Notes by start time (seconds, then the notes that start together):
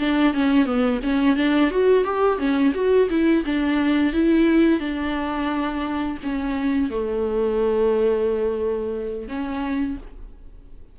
0.00 D4
0.34 C#4
0.66 B3
1.04 C#4
1.37 D4
1.71 F#4
2.05 G4
2.39 C#4
2.75 F#4
3.10 E4
3.46 D4
4.13 E4
4.80 D4
6.23 C#4
6.91 A3
9.29 C#4